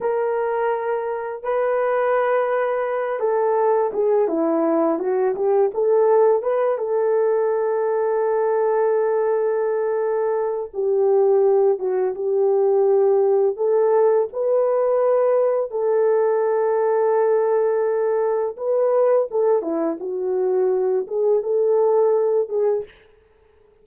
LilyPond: \new Staff \with { instrumentName = "horn" } { \time 4/4 \tempo 4 = 84 ais'2 b'2~ | b'8 a'4 gis'8 e'4 fis'8 g'8 | a'4 b'8 a'2~ a'8~ | a'2. g'4~ |
g'8 fis'8 g'2 a'4 | b'2 a'2~ | a'2 b'4 a'8 e'8 | fis'4. gis'8 a'4. gis'8 | }